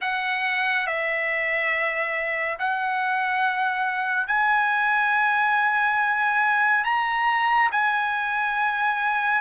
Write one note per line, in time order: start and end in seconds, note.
0.01 0.86 F#5
0.86 2.58 E5
2.58 4.27 F#5
4.27 6.84 G#5
6.84 7.69 A#5
7.71 9.41 G#5